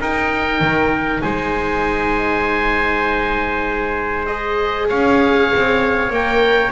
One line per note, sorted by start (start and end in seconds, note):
0.00 0.60 D#4
0.00 4.26 D#4
0.00 1.22 A#4
0.00 1.21 G5
0.60 1.21 D#3
1.21 4.91 G#3
1.21 4.89 C5
1.21 4.26 G#5
4.26 6.10 G#4
4.26 4.87 D#5
4.89 5.53 C#4
4.89 6.71 C#5
4.89 6.12 F5
5.54 6.10 C4
6.10 6.71 A#3
6.10 6.71 A#4
6.10 6.71 G5